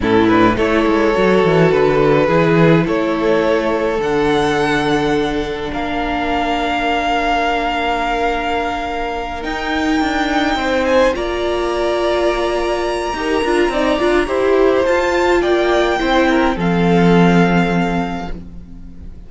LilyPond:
<<
  \new Staff \with { instrumentName = "violin" } { \time 4/4 \tempo 4 = 105 a'8 b'8 cis''2 b'4~ | b'4 cis''2 fis''4~ | fis''2 f''2~ | f''1~ |
f''8 g''2~ g''8 gis''8 ais''8~ | ais''1~ | ais''2 a''4 g''4~ | g''4 f''2. | }
  \new Staff \with { instrumentName = "violin" } { \time 4/4 e'4 a'2. | gis'4 a'2.~ | a'2 ais'2~ | ais'1~ |
ais'2~ ais'8 c''4 d''8~ | d''2. ais'4 | d''4 c''2 d''4 | c''8 ais'8 a'2. | }
  \new Staff \with { instrumentName = "viola" } { \time 4/4 cis'8 d'8 e'4 fis'2 | e'2. d'4~ | d'1~ | d'1~ |
d'8 dis'2. f'8~ | f'2. g'8 f'8 | dis'8 f'8 g'4 f'2 | e'4 c'2. | }
  \new Staff \with { instrumentName = "cello" } { \time 4/4 a,4 a8 gis8 fis8 e8 d4 | e4 a2 d4~ | d2 ais2~ | ais1~ |
ais8 dis'4 d'4 c'4 ais8~ | ais2. dis'8 d'8 | c'8 d'8 e'4 f'4 ais4 | c'4 f2. | }
>>